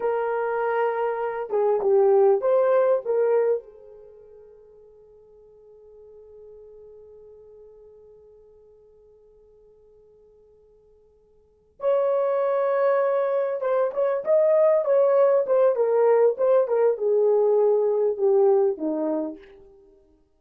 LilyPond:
\new Staff \with { instrumentName = "horn" } { \time 4/4 \tempo 4 = 99 ais'2~ ais'8 gis'8 g'4 | c''4 ais'4 gis'2~ | gis'1~ | gis'1~ |
gis'2.~ gis'8 cis''8~ | cis''2~ cis''8 c''8 cis''8 dis''8~ | dis''8 cis''4 c''8 ais'4 c''8 ais'8 | gis'2 g'4 dis'4 | }